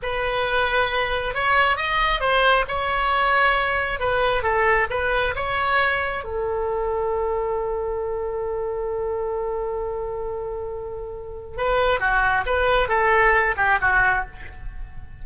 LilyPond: \new Staff \with { instrumentName = "oboe" } { \time 4/4 \tempo 4 = 135 b'2. cis''4 | dis''4 c''4 cis''2~ | cis''4 b'4 a'4 b'4 | cis''2 a'2~ |
a'1~ | a'1~ | a'2 b'4 fis'4 | b'4 a'4. g'8 fis'4 | }